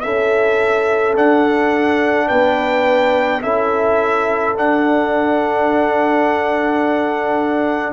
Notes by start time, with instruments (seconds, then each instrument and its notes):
0.00 tuba C#4, trombone E4, horn A4, trumpet E5
1.15 trombone D4, tuba D4, trumpet F#5
2.27 tuba B3, horn B4, trumpet G5
3.42 tuba C#4, trombone E4, horn A4, trumpet E5
4.55 trombone D4, tuba D4, trumpet F#5